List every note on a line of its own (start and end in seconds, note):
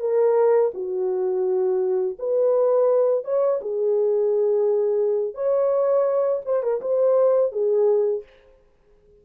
0.00 0.71 A#4
0.74 2.17 F#4
2.19 3.24 B4
3.24 3.60 C#5
3.61 5.35 G#4
5.35 6.42 C#5
6.46 6.63 C5
6.63 6.81 A#4
6.81 7.52 C5
7.52 8.24 G#4